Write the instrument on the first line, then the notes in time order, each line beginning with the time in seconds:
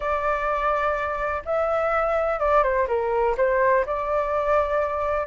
flute
0.00 D5
1.45 E5
2.39 D5
2.63 C5
2.87 A#4
3.37 C5
3.85 D5